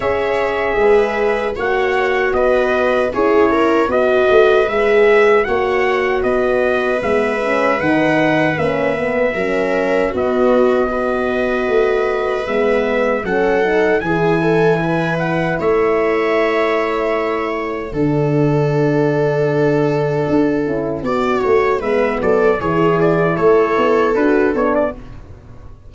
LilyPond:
<<
  \new Staff \with { instrumentName = "trumpet" } { \time 4/4 \tempo 4 = 77 e''2 fis''4 dis''4 | cis''4 dis''4 e''4 fis''4 | dis''4 e''4 fis''4 e''4~ | e''4 dis''2. |
e''4 fis''4 gis''4. fis''8 | e''2~ e''8 fis''4.~ | fis''1 | e''8 d''8 cis''8 d''8 cis''4 b'8 cis''16 d''16 | }
  \new Staff \with { instrumentName = "viola" } { \time 4/4 cis''4 b'4 cis''4 b'4 | gis'8 ais'8 b'2 cis''4 | b'1 | ais'4 fis'4 b'2~ |
b'4 a'4 gis'8 a'8 b'4 | cis''2. a'4~ | a'2. d''8 cis''8 | b'8 a'8 gis'4 a'2 | }
  \new Staff \with { instrumentName = "horn" } { \time 4/4 gis'2 fis'2 | e'4 fis'4 gis'4 fis'4~ | fis'4 b8 cis'8 dis'4 cis'8 b8 | cis'4 b4 fis'2 |
b4 cis'8 dis'8 e'2~ | e'2. d'4~ | d'2~ d'8 e'8 fis'4 | b4 e'2 fis'8 d'8 | }
  \new Staff \with { instrumentName = "tuba" } { \time 4/4 cis'4 gis4 ais4 b4 | cis'4 b8 a8 gis4 ais4 | b4 gis4 dis4 ais4 | fis4 b2 a4 |
gis4 fis4 e2 | a2. d4~ | d2 d'8 cis'8 b8 a8 | gis8 fis8 e4 a8 b8 d'8 b8 | }
>>